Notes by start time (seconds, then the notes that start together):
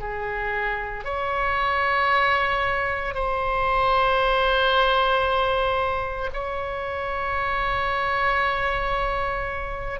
0.00 G#4
1.05 C#5
3.14 C5
6.33 C#5